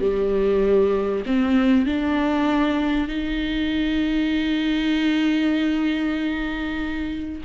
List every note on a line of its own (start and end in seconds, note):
0.00 1.24 G3
1.25 1.86 C4
1.86 3.08 D4
3.08 7.41 D#4